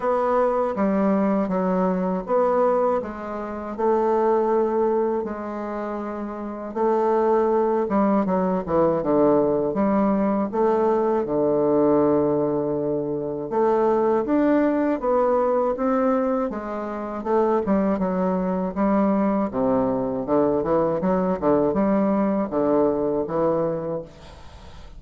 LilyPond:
\new Staff \with { instrumentName = "bassoon" } { \time 4/4 \tempo 4 = 80 b4 g4 fis4 b4 | gis4 a2 gis4~ | gis4 a4. g8 fis8 e8 | d4 g4 a4 d4~ |
d2 a4 d'4 | b4 c'4 gis4 a8 g8 | fis4 g4 c4 d8 e8 | fis8 d8 g4 d4 e4 | }